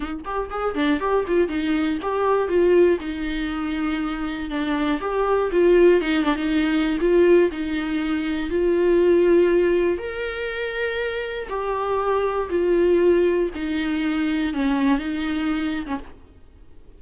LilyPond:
\new Staff \with { instrumentName = "viola" } { \time 4/4 \tempo 4 = 120 dis'8 g'8 gis'8 d'8 g'8 f'8 dis'4 | g'4 f'4 dis'2~ | dis'4 d'4 g'4 f'4 | dis'8 d'16 dis'4~ dis'16 f'4 dis'4~ |
dis'4 f'2. | ais'2. g'4~ | g'4 f'2 dis'4~ | dis'4 cis'4 dis'4.~ dis'16 cis'16 | }